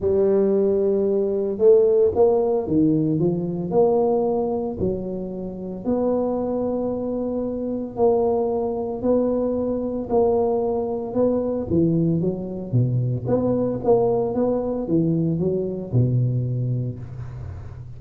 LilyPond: \new Staff \with { instrumentName = "tuba" } { \time 4/4 \tempo 4 = 113 g2. a4 | ais4 dis4 f4 ais4~ | ais4 fis2 b4~ | b2. ais4~ |
ais4 b2 ais4~ | ais4 b4 e4 fis4 | b,4 b4 ais4 b4 | e4 fis4 b,2 | }